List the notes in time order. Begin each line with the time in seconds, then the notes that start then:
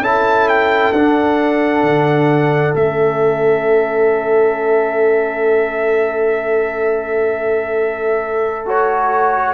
0.00 C#4 E4 A4 A5
0.49 G5
0.92 D4 F#5
1.83 D3
2.75 A3 C#4 E5
8.66 F#4 C#5